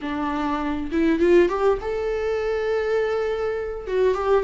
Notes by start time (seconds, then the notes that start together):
0.01 D4
0.91 E4
1.19 F4
1.48 G4
1.81 A4
3.87 F#4
4.14 G4